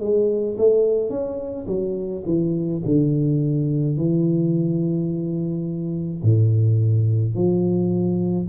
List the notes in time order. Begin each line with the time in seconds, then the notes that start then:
0.00 G#3
0.58 A3
1.10 C#4
1.67 F#3
2.26 E3
2.86 D3
3.97 E3
6.23 A2
7.35 F3